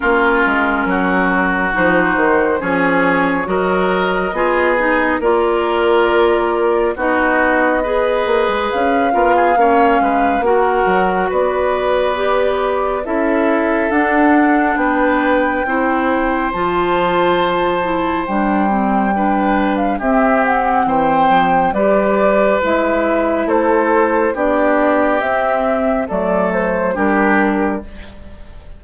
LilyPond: <<
  \new Staff \with { instrumentName = "flute" } { \time 4/4 \tempo 4 = 69 ais'2 c''4 cis''4 | dis''2 d''2 | dis''2 f''2 | fis''4 d''2 e''4 |
fis''4 g''2 a''4~ | a''4 g''4.~ g''16 f''16 e''8 fis''8 | g''4 d''4 e''4 c''4 | d''4 e''4 d''8 c''8 ais'4 | }
  \new Staff \with { instrumentName = "oboe" } { \time 4/4 f'4 fis'2 gis'4 | ais'4 gis'4 ais'2 | fis'4 b'4. ais'16 gis'16 cis''8 b'8 | ais'4 b'2 a'4~ |
a'4 b'4 c''2~ | c''2 b'4 g'4 | c''4 b'2 a'4 | g'2 a'4 g'4 | }
  \new Staff \with { instrumentName = "clarinet" } { \time 4/4 cis'2 dis'4 cis'4 | fis'4 f'8 dis'8 f'2 | dis'4 gis'4. f'8 cis'4 | fis'2 g'4 e'4 |
d'2 e'4 f'4~ | f'8 e'8 d'8 c'8 d'4 c'4~ | c'4 g'4 e'2 | d'4 c'4 a4 d'4 | }
  \new Staff \with { instrumentName = "bassoon" } { \time 4/4 ais8 gis8 fis4 f8 dis8 f4 | fis4 b4 ais2 | b4. ais16 gis16 cis'8 b8 ais8 gis8 | ais8 fis8 b2 cis'4 |
d'4 b4 c'4 f4~ | f4 g2 c'4 | e8 f8 g4 gis4 a4 | b4 c'4 fis4 g4 | }
>>